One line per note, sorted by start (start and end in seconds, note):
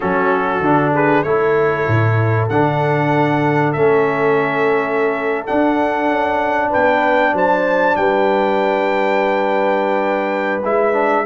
0.00 0.60 F#3
0.00 0.63 C#4
0.00 0.93 F#4
0.00 0.93 A4
0.60 1.23 D3
0.60 1.25 D4
0.93 1.24 G#4
0.93 1.23 B4
1.23 1.86 A3
1.23 2.50 E4
1.23 6.69 A4
1.23 2.48 C#5
1.87 2.49 A2
2.49 3.74 D3
2.49 3.76 D4
2.49 3.73 F#5
3.73 5.46 A3
3.73 5.46 C#4
3.73 5.44 E5
5.46 10.62 D4
5.46 6.07 D4
5.46 6.71 F#5
6.07 6.70 C#4
6.69 7.33 B3
6.69 7.32 B4
6.69 7.35 G5
7.33 7.95 F#3
7.33 7.97 C5
7.33 7.96 A5
7.96 10.62 G3
7.96 11.25 B4
7.96 10.61 G5
10.63 11.25 G#3
10.63 10.93 E4
10.63 11.25 E5
10.93 11.24 D4